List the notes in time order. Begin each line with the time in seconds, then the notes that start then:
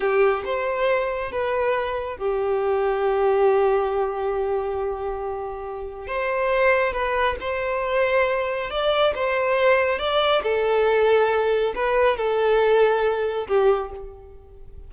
0.00 G4
0.44 C5
1.31 B4
2.17 G4
6.07 C5
6.92 B4
7.40 C5
8.70 D5
9.14 C5
9.98 D5
10.43 A4
11.75 B4
12.16 A4
13.47 G4